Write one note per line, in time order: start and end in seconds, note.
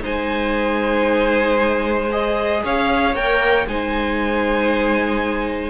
0.00 2.63 G#3
0.00 2.07 D#4
0.00 2.62 C5
0.00 2.11 G#5
2.11 3.15 G#4
2.11 2.63 D#5
2.64 3.14 C#4
2.64 3.67 C#5
2.64 3.15 F5
3.14 3.66 A#3
3.14 3.67 A#4
3.14 3.67 G5
3.67 5.70 G#3
3.67 5.70 D#4
3.67 5.70 C5
3.67 5.70 G#5